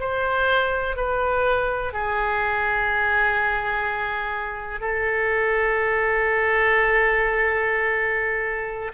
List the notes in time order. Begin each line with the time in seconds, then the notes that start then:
0.00 C5
0.96 B4
1.93 G#4
4.81 A4